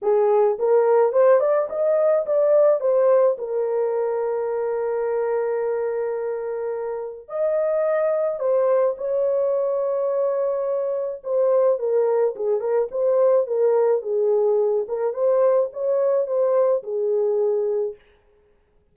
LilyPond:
\new Staff \with { instrumentName = "horn" } { \time 4/4 \tempo 4 = 107 gis'4 ais'4 c''8 d''8 dis''4 | d''4 c''4 ais'2~ | ais'1~ | ais'4 dis''2 c''4 |
cis''1 | c''4 ais'4 gis'8 ais'8 c''4 | ais'4 gis'4. ais'8 c''4 | cis''4 c''4 gis'2 | }